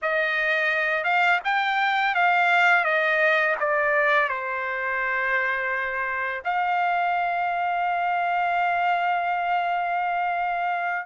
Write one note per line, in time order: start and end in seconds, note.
0.02 1.04 D#5
1.04 1.39 F5
1.44 2.15 G5
2.15 2.84 F5
2.84 3.55 D#5
3.59 4.28 D5
4.28 6.43 C5
6.44 11.06 F5